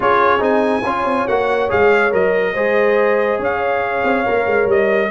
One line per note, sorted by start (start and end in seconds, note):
0.00 0.40 C#4
0.00 0.39 F4
0.00 0.84 G#4
0.00 0.43 C#5
0.39 0.82 C4
0.39 0.81 D#4
0.39 1.27 G#5
0.84 1.04 C#4
0.84 1.28 F4
0.84 2.53 C#5
1.04 1.26 C4
1.27 1.71 A#3
1.27 1.69 F#4
1.27 1.70 F#5
1.69 2.13 G#3
1.69 2.11 G#4
1.69 2.13 F5
2.11 2.55 F#3
2.11 2.54 A#4
2.11 3.41 D#5
2.53 3.38 G#3
2.53 4.25 G#4
2.53 3.38 C5
3.38 4.02 C#4
3.38 5.09 C#5
3.38 4.70 F5
4.03 4.25 C4
4.25 4.46 A#3
4.25 5.10 A#4
4.46 4.66 G#3
4.66 5.09 G3
4.66 5.10 D#5